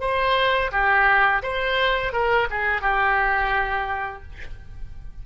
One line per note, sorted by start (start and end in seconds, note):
0.00 0.71 C5
0.71 1.42 G4
1.42 2.12 C5
2.12 2.47 A#4
2.50 2.81 G#4
2.81 4.22 G4